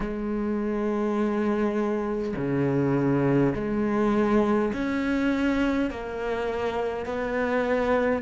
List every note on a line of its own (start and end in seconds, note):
0.00 2.34 G#3
2.36 3.53 C#3
3.55 4.72 G#3
4.73 5.90 C#4
5.90 7.05 A#3
7.05 8.21 B3